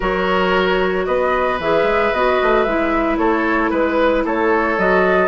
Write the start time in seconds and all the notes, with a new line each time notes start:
0.00 F#3 F#4 A#4 C#5
1.05 B3 B4 D#5
1.59 E3 G#4 E5
1.83 G#3
2.13 B3 F#4 D#5
2.42 A3
2.63 G#3 E4 E5
3.17 A3 A4 C#5
3.70 G#3 B4
4.24 A3 A4 C#5
4.77 F#3 F#4 D#5